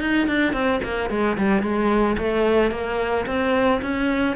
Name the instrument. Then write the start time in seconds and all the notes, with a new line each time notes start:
cello
0.00 D#4
0.27 D4
0.53 C4
0.83 A#3
1.09 G#3
1.37 G3
1.62 G#3
2.17 A3
2.71 A#3
3.26 C4
3.81 C#4